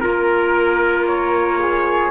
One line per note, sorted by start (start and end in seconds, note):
0.00 2.11 A#3
0.00 2.11 F4
0.00 1.58 A#4
0.00 1.06 A#4
1.07 2.11 C#5
1.59 2.11 G#4